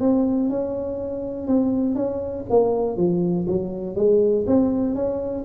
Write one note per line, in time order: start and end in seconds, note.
0.00 0.50 C4
0.50 1.47 C#4
1.47 1.95 C4
1.95 2.45 C#4
2.50 2.97 A#3
2.97 3.46 F3
3.47 3.96 F#3
3.96 4.45 G#3
4.47 4.95 C4
4.95 5.45 C#4